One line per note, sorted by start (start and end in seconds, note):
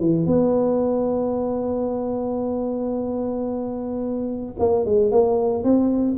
0.00 0.27 E3
0.27 4.55 B3
4.59 4.85 A#3
4.85 5.11 G#3
5.11 5.63 A#3
5.63 6.17 C4